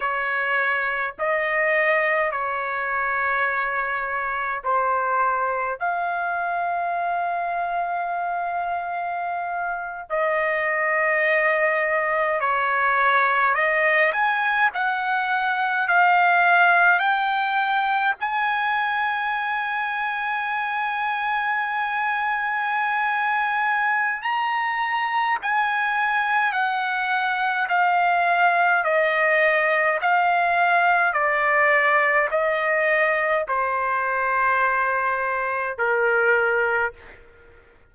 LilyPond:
\new Staff \with { instrumentName = "trumpet" } { \time 4/4 \tempo 4 = 52 cis''4 dis''4 cis''2 | c''4 f''2.~ | f''8. dis''2 cis''4 dis''16~ | dis''16 gis''8 fis''4 f''4 g''4 gis''16~ |
gis''1~ | gis''4 ais''4 gis''4 fis''4 | f''4 dis''4 f''4 d''4 | dis''4 c''2 ais'4 | }